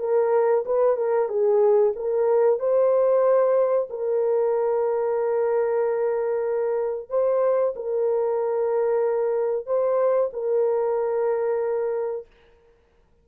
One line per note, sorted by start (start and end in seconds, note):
0.00 0.65 A#4
0.66 0.97 B4
0.97 1.29 A#4
1.29 1.94 G#4
1.96 2.60 A#4
2.60 3.89 C5
3.90 7.10 A#4
7.10 7.74 C5
7.76 9.67 A#4
9.67 10.31 C5
10.33 12.27 A#4